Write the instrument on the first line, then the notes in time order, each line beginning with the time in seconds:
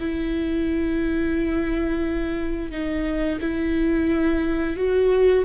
viola
0.00 E4
2.72 D#4
3.42 E4
4.77 F#4